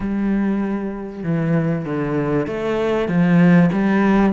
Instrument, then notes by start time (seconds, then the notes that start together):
cello
0.00 G3
1.23 E3
1.85 D3
2.47 A3
3.08 F3
3.72 G3